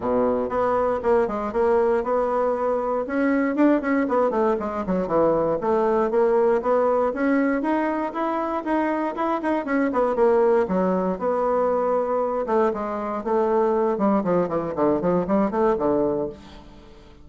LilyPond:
\new Staff \with { instrumentName = "bassoon" } { \time 4/4 \tempo 4 = 118 b,4 b4 ais8 gis8 ais4 | b2 cis'4 d'8 cis'8 | b8 a8 gis8 fis8 e4 a4 | ais4 b4 cis'4 dis'4 |
e'4 dis'4 e'8 dis'8 cis'8 b8 | ais4 fis4 b2~ | b8 a8 gis4 a4. g8 | f8 e8 d8 f8 g8 a8 d4 | }